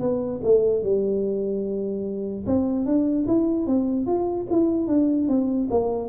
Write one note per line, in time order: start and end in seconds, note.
0.00 0.41 B3
0.44 0.83 A3
0.83 2.45 G3
2.47 2.86 C4
2.86 3.26 D4
3.27 3.66 E4
3.66 4.07 C4
4.07 4.47 F4
4.50 4.87 E4
4.87 5.28 D4
5.28 5.69 C4
5.71 6.09 A#3